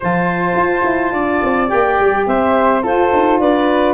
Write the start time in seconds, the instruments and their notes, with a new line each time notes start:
0.00 tuba F3, saxophone F4, flute C5, clarinet A5
0.55 tuba F4
0.84 tuba E4
1.12 tuba D4, flute D5
1.43 tuba C4
1.67 saxophone G4, clarinet G5
1.73 tuba A#3
2.00 tuba G3
2.27 tuba C4, flute C5, clarinet E5
2.82 tuba F4, saxophone F4, flute A4, clarinet C5
3.12 tuba D#4
3.39 tuba D4, flute B4, clarinet D5